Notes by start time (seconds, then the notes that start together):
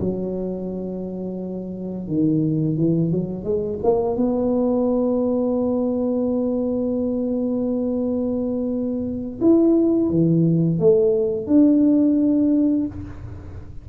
0.00 F#3
2.07 D#3
2.77 E3
3.11 F#3
3.44 G#3
3.83 A#3
4.16 B3
9.41 E4
10.09 E3
10.79 A3
11.47 D4